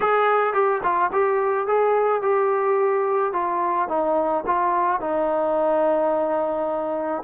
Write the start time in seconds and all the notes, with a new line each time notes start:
0.00 G#4
0.53 G4
0.83 F4
1.12 G4
1.67 G#4
2.22 G4
3.33 F4
3.88 D#4
4.46 F4
5.00 D#4